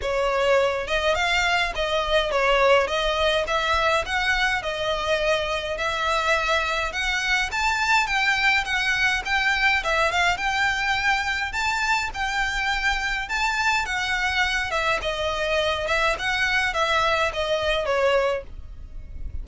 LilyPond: \new Staff \with { instrumentName = "violin" } { \time 4/4 \tempo 4 = 104 cis''4. dis''8 f''4 dis''4 | cis''4 dis''4 e''4 fis''4 | dis''2 e''2 | fis''4 a''4 g''4 fis''4 |
g''4 e''8 f''8 g''2 | a''4 g''2 a''4 | fis''4. e''8 dis''4. e''8 | fis''4 e''4 dis''4 cis''4 | }